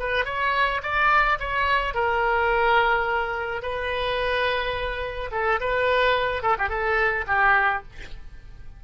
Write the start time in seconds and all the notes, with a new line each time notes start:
0.00 B4
0.26 C#5
0.83 D5
1.40 C#5
1.95 A#4
3.63 B4
5.32 A4
5.61 B4
6.43 A4
6.59 G4
6.69 A4
7.27 G4